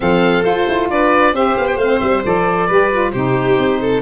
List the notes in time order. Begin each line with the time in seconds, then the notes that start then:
0.00 F3 C4 A4 F5
0.43 F4 C5
0.68 E4
0.90 D4 B4 D5
1.32 C4 G4 C5 E5
1.56 B3 F5
1.67 G5
1.75 A3 C4 F5
1.99 G3 E5
2.24 F3 A4 D5
2.66 G3 G4 B4
2.91 F4
3.12 C3 D#4 G4 C5
3.58 C4
3.80 A4